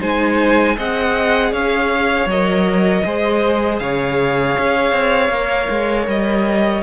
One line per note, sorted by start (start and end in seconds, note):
0.00 0.77 G#3
0.00 0.76 D#4
0.00 0.76 C5
0.00 0.78 G#5
0.77 1.52 C4
0.77 2.29 G#4
0.77 1.52 D#5
0.77 1.53 F#5
1.52 2.26 C#4
1.52 3.04 C#5
1.52 2.29 F5
2.26 3.02 F#3
2.26 3.05 A#4
2.26 3.79 D#5
3.05 3.80 G#3
3.05 5.32 G#4
3.05 3.82 C5
3.79 4.56 C#3
3.79 6.83 C#5
3.79 6.07 F5
4.58 4.92 C#4
4.92 5.29 C4
5.29 5.67 A#3
5.29 6.83 A#4
5.70 6.08 G#3
6.08 6.83 G3
6.08 6.83 D#5